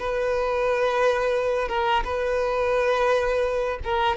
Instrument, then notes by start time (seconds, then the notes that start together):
violin
0.00 B4
1.69 A#4
2.05 B4
3.84 A#4